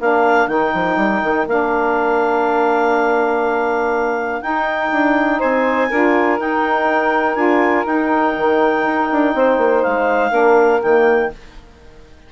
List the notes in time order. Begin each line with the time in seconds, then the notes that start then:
0.00 A#3 D4 A#4 F5
0.48 D#3 D#4 G5
0.74 F3
0.97 G3
1.23 D#3
1.47 A#3 D4 F5
4.42 D#4 G5
4.92 D4
5.39 C4 C5 G#5
5.90 D4 F4 A#4
6.38 D#4 G5
7.35 D4 F4 G#5
7.86 D#4 G5
8.38 D#3
8.85 D#4
9.12 D4
9.35 C4 C5
9.58 A#3
9.83 G#3 F5
10.31 A#3 D4 A#4
10.82 D#3 A#3 G5